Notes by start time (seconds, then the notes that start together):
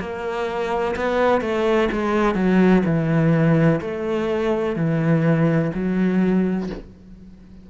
0.00 A#3
0.97 B3
1.42 A3
1.92 G#3
2.35 F#3
2.85 E3
3.81 A3
4.76 E3
5.74 F#3